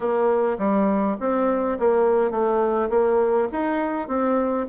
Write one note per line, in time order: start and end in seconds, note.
0.00 0.57 A#3
0.58 1.17 G3
1.20 1.78 C4
1.79 2.30 A#3
2.30 2.89 A3
2.89 3.47 A#3
3.51 4.08 D#4
4.08 4.66 C4